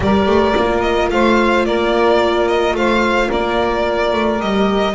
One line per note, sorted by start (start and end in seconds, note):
0.00 0.26 G3
0.00 0.54 G4
0.00 1.12 A#4
0.00 0.81 D5
0.26 0.53 A3
0.55 1.10 A#3
0.55 4.39 F4
0.81 1.08 D#5
1.10 1.66 A3
1.10 1.66 C5
1.10 1.65 F5
1.65 2.73 A#3
1.65 2.76 A#4
1.65 2.48 D5
2.48 2.75 D#5
2.73 3.28 A3
2.73 3.28 C5
2.73 3.31 F5
3.28 4.13 A#3
3.28 4.93 A#4
3.28 4.41 D5
4.13 4.40 A3
4.39 4.94 G3
4.39 4.94 G4
4.39 4.94 D#5